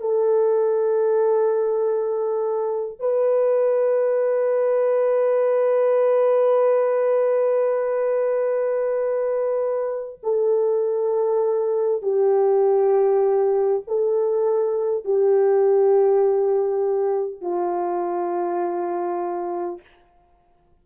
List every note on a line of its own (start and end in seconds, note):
0.00 2.99 A4
2.99 10.19 B4
10.23 12.02 A4
12.02 13.82 G4
13.87 15.04 A4
15.04 17.41 G4
17.41 19.81 F4